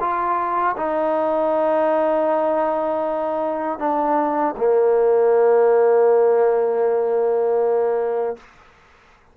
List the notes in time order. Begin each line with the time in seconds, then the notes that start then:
0.00 F4
0.77 D#4
3.79 D4
4.57 A#3